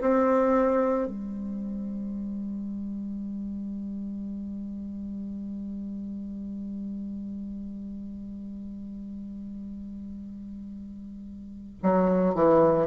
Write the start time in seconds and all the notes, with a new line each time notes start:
0.00 C4
1.07 G3
11.82 F#3
12.34 E3